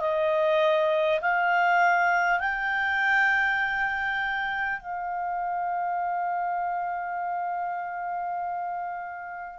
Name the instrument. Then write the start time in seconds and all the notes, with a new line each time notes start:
clarinet
0.00 D#5
1.21 F5
2.39 G5
4.79 F5